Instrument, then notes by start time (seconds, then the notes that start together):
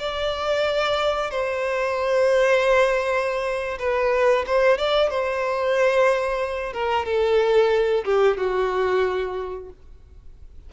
violin
0.00 D5
1.31 C5
3.79 B4
4.47 C5
4.78 D5
5.10 C5
6.73 A#4
7.06 A4
8.05 G4
8.38 F#4